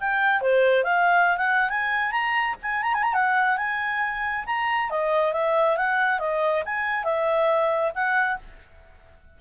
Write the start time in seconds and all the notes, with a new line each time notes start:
0.00 G5
0.41 C5
0.83 F5
1.37 F#5
1.70 G#5
2.11 A#5
2.62 G#5
2.82 A#5
2.94 G#5
3.03 A#5
3.14 F#5
3.57 G#5
4.46 A#5
4.90 D#5
5.33 E5
5.77 F#5
6.19 D#5
6.65 G#5
7.04 E5
7.95 F#5